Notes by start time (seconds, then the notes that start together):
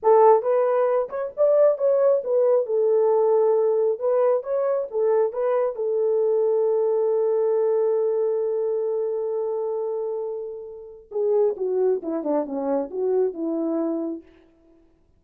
0.02 A4
0.42 B4
1.09 C#5
1.36 D5
1.78 C#5
2.23 B4
2.66 A4
3.99 B4
4.43 C#5
4.90 A4
5.33 B4
5.75 A4
11.11 G#4
11.57 F#4
12.02 E4
12.23 D4
12.45 C#4
12.90 F#4
13.33 E4